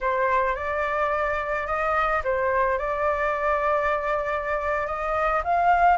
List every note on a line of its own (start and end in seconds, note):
0.01 0.55 C5
0.55 1.66 D5
1.66 2.22 D#5
2.23 2.78 C5
2.78 4.86 D5
4.86 5.42 D#5
5.43 5.97 F5